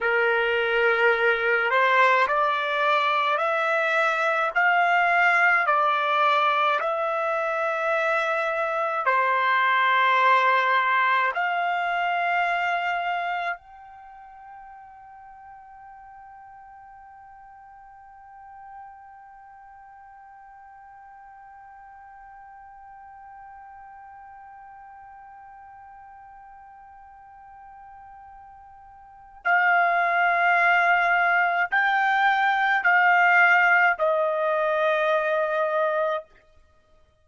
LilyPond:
\new Staff \with { instrumentName = "trumpet" } { \time 4/4 \tempo 4 = 53 ais'4. c''8 d''4 e''4 | f''4 d''4 e''2 | c''2 f''2 | g''1~ |
g''1~ | g''1~ | g''2 f''2 | g''4 f''4 dis''2 | }